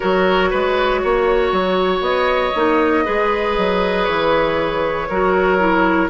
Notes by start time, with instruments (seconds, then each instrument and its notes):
0.00 bassoon F#3, clarinet F#4, oboe A#4, flute C#5
0.50 bassoon G#3, oboe B4
1.02 bassoon A#3, oboe C#5
1.51 bassoon F#3
2.00 bassoon B3, flute D#5
2.55 bassoon A#3, clarinet D#4
3.04 bassoon G#3, clarinet G#4, oboe B4
3.57 bassoon F#3
4.04 bassoon E3, flute C#5
5.09 bassoon F#3, clarinet F#4, oboe A#4
5.58 clarinet E4